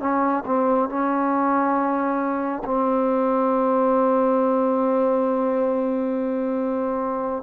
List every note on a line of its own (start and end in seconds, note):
0.00 0.43 C#4
0.46 0.89 C4
0.89 2.63 C#4
2.64 7.43 C4